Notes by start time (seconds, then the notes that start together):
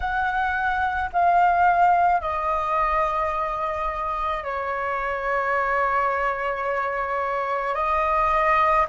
0.00 F#5
1.13 F5
2.21 D#5
4.43 C#5
7.74 D#5